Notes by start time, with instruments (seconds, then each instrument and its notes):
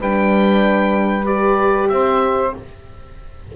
0.00 double bass G3, horn D4, saxophone B4, oboe G5
1.25 horn G4, oboe D5
1.89 double bass C4, saxophone C5, oboe E5